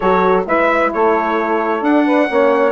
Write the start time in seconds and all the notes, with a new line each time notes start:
0.00 F#3 F#4 A4 C#5
0.46 G#3 E4 B4 E5
0.93 A3 A4 C#5
1.81 D4 F#5
2.05 B4
2.27 A#3 C#4 C#5